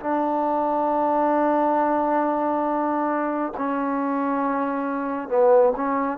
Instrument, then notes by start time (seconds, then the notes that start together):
trombone
0.00 D4
3.58 C#4
5.29 B3
5.77 C#4